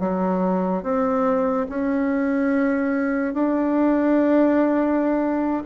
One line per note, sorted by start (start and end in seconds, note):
0.00 0.83 F#3
0.83 1.67 C4
1.69 3.34 C#4
3.34 5.63 D4